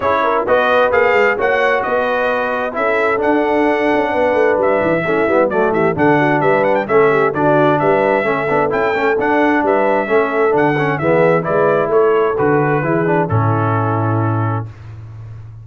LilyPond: <<
  \new Staff \with { instrumentName = "trumpet" } { \time 4/4 \tempo 4 = 131 cis''4 dis''4 f''4 fis''4 | dis''2 e''4 fis''4~ | fis''2 e''2 | d''8 e''8 fis''4 e''8 fis''16 g''16 e''4 |
d''4 e''2 g''4 | fis''4 e''2 fis''4 | e''4 d''4 cis''4 b'4~ | b'4 a'2. | }
  \new Staff \with { instrumentName = "horn" } { \time 4/4 gis'8 ais'8 b'2 cis''4 | b'2 a'2~ | a'4 b'2 e'4 | fis'8 g'8 a'8 fis'8 b'4 a'8 g'8 |
fis'4 b'4 a'2~ | a'4 b'4 a'2 | gis'4 b'4 a'2 | gis'4 e'2. | }
  \new Staff \with { instrumentName = "trombone" } { \time 4/4 e'4 fis'4 gis'4 fis'4~ | fis'2 e'4 d'4~ | d'2. cis'8 b8 | a4 d'2 cis'4 |
d'2 cis'8 d'8 e'8 cis'8 | d'2 cis'4 d'8 cis'8 | b4 e'2 fis'4 | e'8 d'8 cis'2. | }
  \new Staff \with { instrumentName = "tuba" } { \time 4/4 cis'4 b4 ais8 gis8 ais4 | b2 cis'4 d'4~ | d'8 cis'8 b8 a8 g8 e8 a8 g8 | fis8 e8 d4 g4 a4 |
d4 g4 a8 b8 cis'8 a8 | d'4 g4 a4 d4 | e4 gis4 a4 d4 | e4 a,2. | }
>>